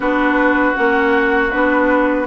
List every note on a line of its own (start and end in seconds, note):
0.00 0.72 B3
0.00 0.75 D4
0.00 2.27 F#4
0.00 0.75 B4
0.75 1.52 A#3
0.75 1.50 C#4
0.75 1.50 F#5
1.50 2.27 B3
1.50 2.27 D4
1.50 2.26 B4